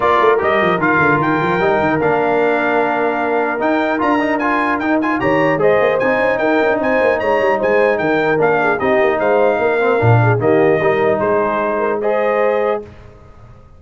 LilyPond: <<
  \new Staff \with { instrumentName = "trumpet" } { \time 4/4 \tempo 4 = 150 d''4 dis''4 f''4 g''4~ | g''4 f''2.~ | f''4 g''4 ais''4 gis''4 | g''8 gis''8 ais''4 dis''4 gis''4 |
g''4 gis''4 ais''4 gis''4 | g''4 f''4 dis''4 f''4~ | f''2 dis''2 | c''2 dis''2 | }
  \new Staff \with { instrumentName = "horn" } { \time 4/4 ais'1~ | ais'1~ | ais'1~ | ais'8. b'16 cis''4 c''2 |
ais'4 c''4 cis''4 c''4 | ais'4. gis'8 g'4 c''4 | ais'4. gis'8 g'4 ais'4 | gis'4. ais'8 c''2 | }
  \new Staff \with { instrumentName = "trombone" } { \time 4/4 f'4 g'4 f'2 | dis'4 d'2.~ | d'4 dis'4 f'8 dis'8 f'4 | dis'8 f'8 g'4 gis'4 dis'4~ |
dis'1~ | dis'4 d'4 dis'2~ | dis'8 c'8 d'4 ais4 dis'4~ | dis'2 gis'2 | }
  \new Staff \with { instrumentName = "tuba" } { \time 4/4 ais8 a8 g8 f8 dis8 d8 dis8 f8 | g8 dis8 ais2.~ | ais4 dis'4 d'2 | dis'4 dis4 gis8 ais8 c'8 cis'8 |
dis'8 cis'16 d'16 c'8 ais8 gis8 g8 gis4 | dis4 ais4 c'8 ais8 gis4 | ais4 ais,4 dis4 g4 | gis1 | }
>>